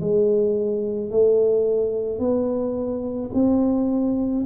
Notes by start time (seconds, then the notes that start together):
0.00 G#3
1.11 A3
2.19 B3
3.33 C4